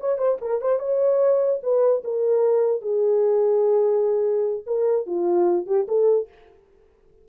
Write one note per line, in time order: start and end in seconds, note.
0.00 0.18 C#5
0.18 0.38 C5
0.41 0.61 A#4
0.61 0.79 C5
0.79 1.60 C#5
1.63 2.03 B4
2.04 2.81 A#4
2.81 4.64 G#4
4.66 5.06 A#4
5.06 5.66 F4
5.66 5.86 G4
5.88 6.28 A4